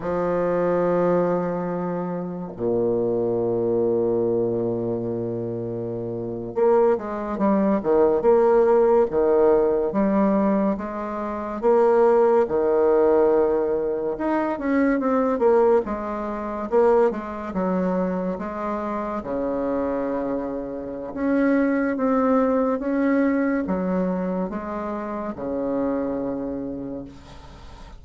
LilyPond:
\new Staff \with { instrumentName = "bassoon" } { \time 4/4 \tempo 4 = 71 f2. ais,4~ | ais,2.~ ais,8. ais16~ | ais16 gis8 g8 dis8 ais4 dis4 g16~ | g8. gis4 ais4 dis4~ dis16~ |
dis8. dis'8 cis'8 c'8 ais8 gis4 ais16~ | ais16 gis8 fis4 gis4 cis4~ cis16~ | cis4 cis'4 c'4 cis'4 | fis4 gis4 cis2 | }